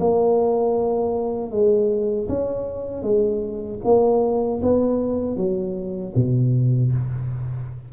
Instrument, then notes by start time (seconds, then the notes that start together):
tuba
0.00 A#3
1.51 G#3
2.29 C#4
3.02 G#3
3.84 A#3
4.62 B3
5.36 F#3
6.15 B2